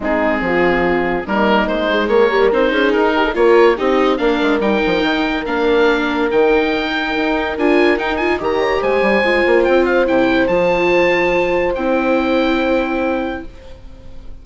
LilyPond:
<<
  \new Staff \with { instrumentName = "oboe" } { \time 4/4 \tempo 4 = 143 gis'2. ais'4 | c''4 cis''4 c''4 ais'4 | cis''4 dis''4 f''4 g''4~ | g''4 f''2 g''4~ |
g''2 gis''4 g''8 gis''8 | ais''4 gis''2 g''8 f''8 | g''4 a''2. | g''1 | }
  \new Staff \with { instrumentName = "horn" } { \time 4/4 dis'4 f'2 dis'4~ | dis'4 ais'4. gis'4 g'16 a'16 | ais'4 g'4 ais'2~ | ais'1~ |
ais'1 | dis''8 cis''8 c''2.~ | c''1~ | c''1 | }
  \new Staff \with { instrumentName = "viola" } { \time 4/4 c'2. ais4~ | ais8 gis4 g8 dis'2 | f'4 dis'4 d'4 dis'4~ | dis'4 d'2 dis'4~ |
dis'2 f'4 dis'8 f'8 | g'2 f'2 | e'4 f'2. | e'1 | }
  \new Staff \with { instrumentName = "bassoon" } { \time 4/4 gis4 f2 g4 | gis4 ais4 c'8 cis'8 dis'4 | ais4 c'4 ais8 gis8 g8 f8 | dis4 ais2 dis4~ |
dis4 dis'4 d'4 dis'4 | dis4 gis8 g8 gis8 ais8 c'4 | c4 f2. | c'1 | }
>>